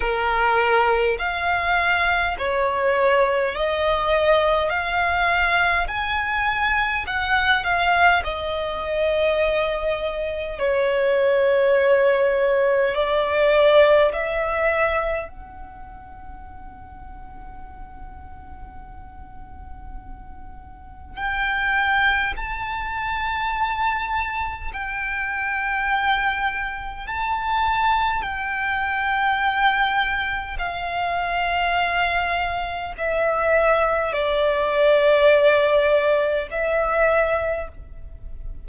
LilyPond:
\new Staff \with { instrumentName = "violin" } { \time 4/4 \tempo 4 = 51 ais'4 f''4 cis''4 dis''4 | f''4 gis''4 fis''8 f''8 dis''4~ | dis''4 cis''2 d''4 | e''4 fis''2.~ |
fis''2 g''4 a''4~ | a''4 g''2 a''4 | g''2 f''2 | e''4 d''2 e''4 | }